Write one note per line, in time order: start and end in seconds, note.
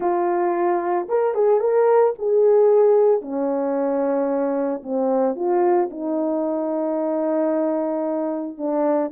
0.00 1.07 F4
1.08 1.34 A#4
1.34 1.60 G#4
1.60 2.13 A#4
2.18 3.21 G#4
3.21 4.82 C#4
4.83 5.35 C4
5.35 5.89 F4
5.90 8.57 D#4
8.57 9.11 D4